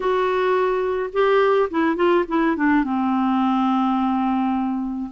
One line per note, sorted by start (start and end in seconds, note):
0.00 1.10 F#4
1.12 1.69 G4
1.70 1.96 E4
1.96 2.24 F4
2.28 2.56 E4
2.56 2.84 D4
2.84 5.10 C4